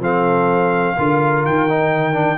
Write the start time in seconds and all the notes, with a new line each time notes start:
0.00 F3 C4 A4 F5
0.96 D3 F4 A#4
1.45 D#3 G5
1.69 D#4
2.13 D4